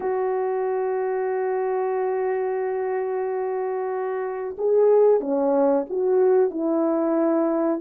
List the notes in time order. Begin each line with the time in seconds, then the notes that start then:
0.00 F#4
4.58 G#4
5.20 C#4
5.89 F#4
6.50 E4